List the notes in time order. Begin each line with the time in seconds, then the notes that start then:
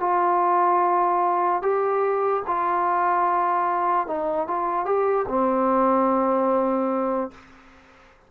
0.00 F4
1.62 G4
2.47 F4
4.07 D#4
4.48 F4
4.85 G4
5.28 C4